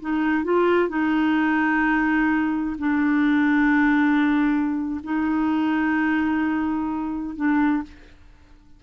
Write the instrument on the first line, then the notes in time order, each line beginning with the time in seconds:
clarinet
0.00 D#4
0.44 F4
0.88 D#4
2.78 D4
5.03 D#4
7.36 D4